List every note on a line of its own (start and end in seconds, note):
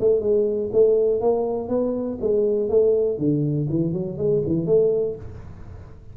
0.00 0.20 A3
0.20 0.70 G#3
0.73 1.21 A3
1.21 1.69 A#3
1.69 2.18 B3
2.21 2.69 G#3
2.69 3.18 A3
3.18 3.68 D3
3.69 3.93 E3
3.93 4.18 F#3
4.18 4.42 G#3
4.47 4.66 E3
4.66 5.16 A3